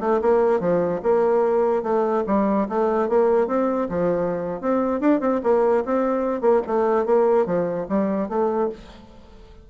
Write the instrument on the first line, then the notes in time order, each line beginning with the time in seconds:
bassoon
0.00 A3
0.22 A#3
0.60 F3
1.03 A#3
1.82 A3
2.27 G3
2.68 A3
3.09 A#3
3.47 C4
3.89 F3
4.61 C4
5.00 D4
5.20 C4
5.43 A#3
5.85 C4
6.41 A#3
6.67 A3
7.05 A#3
7.46 F3
7.88 G3
8.28 A3